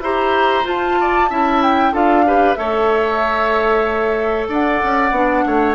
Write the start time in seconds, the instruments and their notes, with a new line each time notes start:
0.00 bassoon E4, clarinet G4, oboe C5, flute A#5
0.64 clarinet F4, bassoon F4, flute A5
1.01 oboe D5
1.30 bassoon C#4, clarinet E4, oboe E5
1.62 flute G5
1.93 bassoon D4, clarinet F4, oboe A4, flute F5
2.26 clarinet G4, oboe B4
2.55 bassoon A3, clarinet A4, oboe C#5, flute E5
4.49 bassoon D4, oboe D5, flute F#5
4.84 bassoon C#4
5.11 bassoon B3, clarinet D4
5.46 bassoon A3, oboe C#5